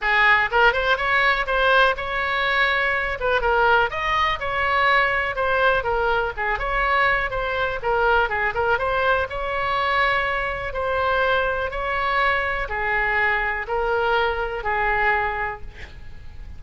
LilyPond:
\new Staff \with { instrumentName = "oboe" } { \time 4/4 \tempo 4 = 123 gis'4 ais'8 c''8 cis''4 c''4 | cis''2~ cis''8 b'8 ais'4 | dis''4 cis''2 c''4 | ais'4 gis'8 cis''4. c''4 |
ais'4 gis'8 ais'8 c''4 cis''4~ | cis''2 c''2 | cis''2 gis'2 | ais'2 gis'2 | }